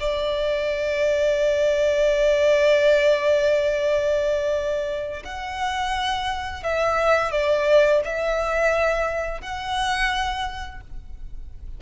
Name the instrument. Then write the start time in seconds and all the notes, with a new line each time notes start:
violin
0.00 D5
5.25 F#5
6.63 E5
7.32 D5
8.05 E5
9.41 F#5